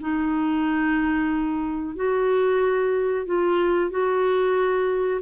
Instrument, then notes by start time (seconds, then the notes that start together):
clarinet
0.00 D#4
1.95 F#4
3.26 F4
3.90 F#4